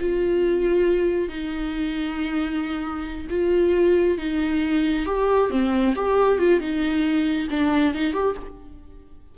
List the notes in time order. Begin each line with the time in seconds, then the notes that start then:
0.00 F4
1.29 D#4
3.30 F4
4.18 D#4
5.06 G4
5.50 C4
5.96 G4
6.39 F4
6.60 D#4
7.50 D4
7.94 D#4
8.14 G4